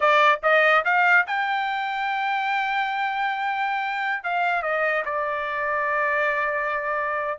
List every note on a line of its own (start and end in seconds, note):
0.00 0.39 D5
0.42 0.83 D#5
0.84 1.26 F5
1.26 4.23 G5
4.23 4.62 F5
4.62 5.03 D#5
5.05 7.38 D5